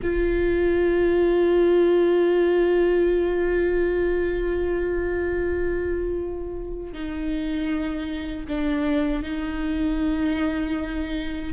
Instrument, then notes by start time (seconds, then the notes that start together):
viola
0.02 F4
6.92 D#4
8.48 D4
9.22 D#4